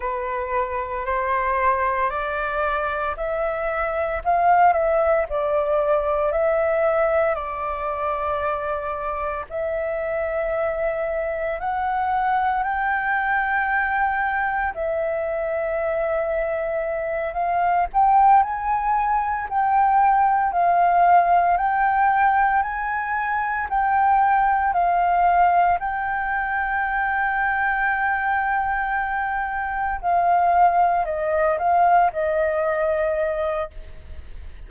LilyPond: \new Staff \with { instrumentName = "flute" } { \time 4/4 \tempo 4 = 57 b'4 c''4 d''4 e''4 | f''8 e''8 d''4 e''4 d''4~ | d''4 e''2 fis''4 | g''2 e''2~ |
e''8 f''8 g''8 gis''4 g''4 f''8~ | f''8 g''4 gis''4 g''4 f''8~ | f''8 g''2.~ g''8~ | g''8 f''4 dis''8 f''8 dis''4. | }